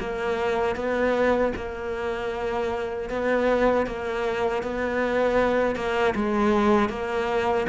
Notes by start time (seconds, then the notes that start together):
0.00 A#3
0.76 B3
1.56 A#3
3.10 B3
3.87 A#3
4.63 B3
5.76 A#3
6.16 G#3
6.90 A#3